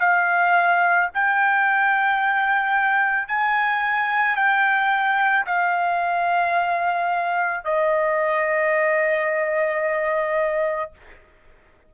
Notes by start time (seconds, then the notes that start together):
0.00 F5
1.14 G5
3.27 G#5
4.36 G5
5.45 F5
7.64 D#5